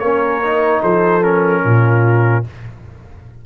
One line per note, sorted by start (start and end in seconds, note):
0.00 0.82 A#3
0.00 0.43 C#4
0.00 0.82 A#4
0.00 0.81 C#5
0.43 1.23 D#4
0.82 1.65 F3
0.82 1.64 A4
0.82 1.23 C5
1.23 2.44 C#4
1.23 2.45 A#4
1.65 2.46 A#2
1.65 2.46 F4